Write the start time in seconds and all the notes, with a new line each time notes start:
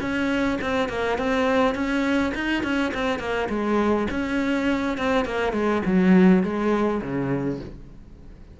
0.00 C#4
0.61 C4
0.88 A#3
1.17 C4
1.74 C#4
2.34 D#4
2.63 C#4
2.94 C4
3.19 A#3
3.49 G#3
4.10 C#4
4.97 C4
5.25 A#3
5.52 G#3
5.85 F#3
6.43 G#3
7.01 C#3